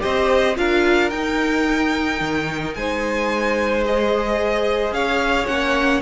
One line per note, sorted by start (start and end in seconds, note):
0.00 0.58 C4
0.00 0.55 G4
0.00 0.58 C5
0.00 0.57 D#5
0.56 1.12 D4
0.56 1.11 F4
0.56 2.78 A#4
0.56 1.10 F5
1.10 2.21 D#4
1.10 3.86 D#4
1.10 2.74 G5
2.21 2.76 D#3
2.75 4.92 G#3
2.75 4.95 C5
2.75 3.85 G#5
3.86 5.48 G#4
3.86 4.94 D#5
4.92 5.46 C#4
4.92 6.03 C#5
4.92 5.47 F5
5.47 6.03 A#3
5.47 6.02 C#4
5.47 6.02 F#5